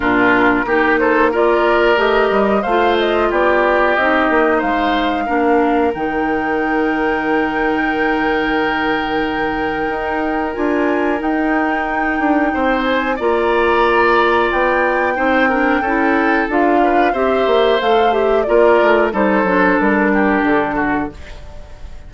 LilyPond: <<
  \new Staff \with { instrumentName = "flute" } { \time 4/4 \tempo 4 = 91 ais'4. c''8 d''4 dis''4 | f''8 dis''8 d''4 dis''4 f''4~ | f''4 g''2.~ | g''1 |
gis''4 g''2~ g''8 gis''8 | ais''2 g''2~ | g''4 f''4 e''4 f''8 e''8 | d''4 c''4 ais'4 a'4 | }
  \new Staff \with { instrumentName = "oboe" } { \time 4/4 f'4 g'8 a'8 ais'2 | c''4 g'2 c''4 | ais'1~ | ais'1~ |
ais'2. c''4 | d''2. c''8 ais'8 | a'4. b'8 c''2 | ais'4 a'4. g'4 fis'8 | }
  \new Staff \with { instrumentName = "clarinet" } { \time 4/4 d'4 dis'4 f'4 g'4 | f'2 dis'2 | d'4 dis'2.~ | dis'1 |
f'4 dis'2. | f'2. dis'8 d'8 | e'4 f'4 g'4 a'8 g'8 | f'4 dis'8 d'2~ d'8 | }
  \new Staff \with { instrumentName = "bassoon" } { \time 4/4 ais,4 ais2 a8 g8 | a4 b4 c'8 ais8 gis4 | ais4 dis2.~ | dis2. dis'4 |
d'4 dis'4. d'8 c'4 | ais2 b4 c'4 | cis'4 d'4 c'8 ais8 a4 | ais8 a8 g8 fis8 g4 d4 | }
>>